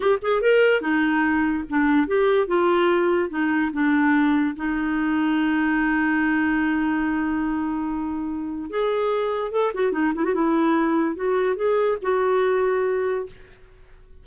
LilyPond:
\new Staff \with { instrumentName = "clarinet" } { \time 4/4 \tempo 4 = 145 g'8 gis'8 ais'4 dis'2 | d'4 g'4 f'2 | dis'4 d'2 dis'4~ | dis'1~ |
dis'1~ | dis'4 gis'2 a'8 fis'8 | dis'8 e'16 fis'16 e'2 fis'4 | gis'4 fis'2. | }